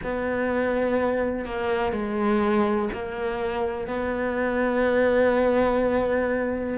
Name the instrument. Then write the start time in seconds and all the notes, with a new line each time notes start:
cello
0.03 B3
1.45 A#3
1.92 G#3
2.93 A#3
3.87 B3